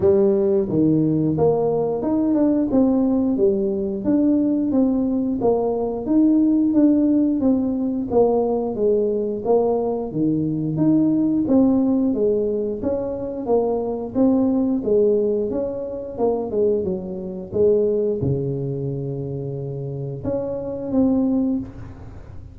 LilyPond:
\new Staff \with { instrumentName = "tuba" } { \time 4/4 \tempo 4 = 89 g4 dis4 ais4 dis'8 d'8 | c'4 g4 d'4 c'4 | ais4 dis'4 d'4 c'4 | ais4 gis4 ais4 dis4 |
dis'4 c'4 gis4 cis'4 | ais4 c'4 gis4 cis'4 | ais8 gis8 fis4 gis4 cis4~ | cis2 cis'4 c'4 | }